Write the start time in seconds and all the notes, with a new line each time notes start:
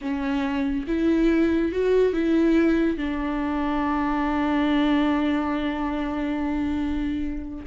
0.01 C#4
0.87 E4
1.72 F#4
2.13 E4
2.97 D4